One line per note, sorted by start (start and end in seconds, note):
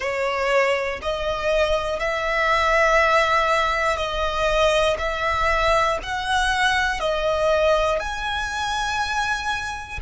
0.00 1.00 C#5
1.01 2.00 D#5
2.00 3.96 E5
3.96 4.96 D#5
4.98 5.98 E5
6.02 7.00 F#5
7.00 8.00 D#5
8.00 10.00 G#5